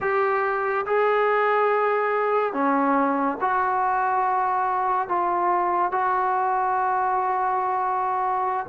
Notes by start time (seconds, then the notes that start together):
0.00 G4
0.86 G#4
2.53 C#4
3.40 F#4
5.08 F4
5.92 F#4